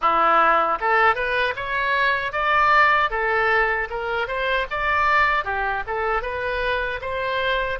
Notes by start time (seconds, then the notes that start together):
0.01 E4
0.80 A4
1.15 B4
1.56 C#5
2.32 D5
3.10 A4
3.90 A#4
4.27 C5
4.70 D5
5.44 G4
5.86 A4
6.22 B4
7.01 C5